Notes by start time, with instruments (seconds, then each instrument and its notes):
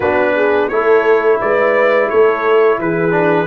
0.00 tuba B3, trombone D4, horn F#4, trumpet B4
0.35 horn G#4
0.68 tuba A3, trombone E4, horn A4, trumpet C#5
1.40 tuba G#3, horn B4, trumpet D5
2.09 tuba A3, horn A4, trumpet C#5
2.78 tuba E3, horn G#4, trumpet B4
3.11 trombone D4